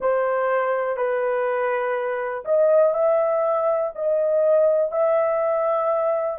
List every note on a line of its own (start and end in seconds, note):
0.00 0.96 C5
0.96 2.44 B4
2.44 2.93 D#5
2.94 3.92 E5
3.95 4.91 D#5
4.91 6.38 E5